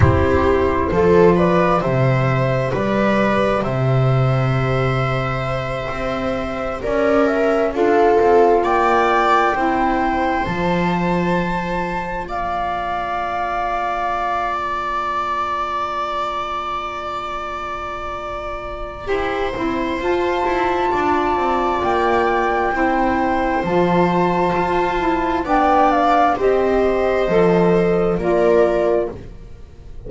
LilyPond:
<<
  \new Staff \with { instrumentName = "flute" } { \time 4/4 \tempo 4 = 66 c''4. d''8 e''4 d''4 | e''2.~ e''8 d''8 | e''8 f''4 g''2 a''8~ | a''4. f''2~ f''8 |
ais''1~ | ais''2 a''2 | g''2 a''2 | g''8 f''8 dis''2 d''4 | }
  \new Staff \with { instrumentName = "viola" } { \time 4/4 g'4 a'8 b'8 c''4 b'4 | c''2.~ c''8 ais'8~ | ais'8 a'4 d''4 c''4.~ | c''4. d''2~ d''8~ |
d''1~ | d''4 c''2 d''4~ | d''4 c''2. | d''4 c''2 ais'4 | }
  \new Staff \with { instrumentName = "saxophone" } { \time 4/4 e'4 f'4 g'2~ | g'1~ | g'8 f'2 e'4 f'8~ | f'1~ |
f'1~ | f'4 g'8 e'8 f'2~ | f'4 e'4 f'4. e'8 | d'4 g'4 a'4 f'4 | }
  \new Staff \with { instrumentName = "double bass" } { \time 4/4 c'4 f4 c4 g4 | c2~ c8 c'4 cis'8~ | cis'8 d'8 c'8 ais4 c'4 f8~ | f4. ais2~ ais8~ |
ais1~ | ais4 e'8 c'8 f'8 e'8 d'8 c'8 | ais4 c'4 f4 f'4 | b4 c'4 f4 ais4 | }
>>